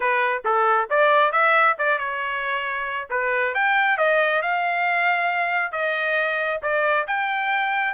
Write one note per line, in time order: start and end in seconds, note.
0.00 0.43 B4
0.44 0.88 A4
0.89 1.32 D5
1.32 1.76 E5
1.78 1.98 D5
1.98 3.08 C#5
3.10 3.54 B4
3.54 3.97 G5
3.97 4.41 D#5
4.41 5.72 F5
5.72 6.60 D#5
6.62 7.06 D5
7.07 7.94 G5